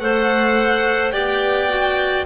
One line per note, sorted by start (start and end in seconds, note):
0.00 1.13 A3
0.00 1.13 A4
0.00 1.13 C5
0.00 1.12 F#5
1.12 2.26 B3
1.12 1.69 G4
1.12 2.26 D5
1.12 2.25 G5
1.69 2.26 F#4